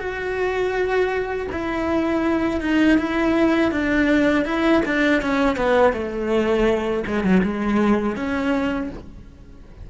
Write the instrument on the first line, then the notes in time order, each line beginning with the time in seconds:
cello
0.00 F#4
1.53 E4
2.61 D#4
2.99 E4
3.72 D4
4.45 E4
4.86 D4
5.22 C#4
5.57 B3
5.93 A3
7.07 G#3
7.24 F#3
7.43 G#3
8.16 C#4